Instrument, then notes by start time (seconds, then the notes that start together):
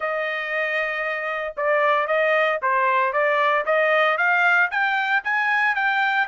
trumpet
0.00 D#5
1.56 D5
2.07 D#5
2.62 C5
3.12 D5
3.65 D#5
4.17 F5
4.70 G5
5.24 G#5
5.75 G5